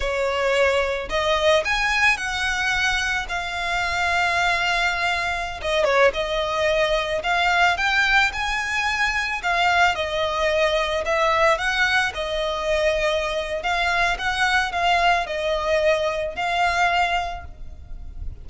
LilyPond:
\new Staff \with { instrumentName = "violin" } { \time 4/4 \tempo 4 = 110 cis''2 dis''4 gis''4 | fis''2 f''2~ | f''2~ f''16 dis''8 cis''8 dis''8.~ | dis''4~ dis''16 f''4 g''4 gis''8.~ |
gis''4~ gis''16 f''4 dis''4.~ dis''16~ | dis''16 e''4 fis''4 dis''4.~ dis''16~ | dis''4 f''4 fis''4 f''4 | dis''2 f''2 | }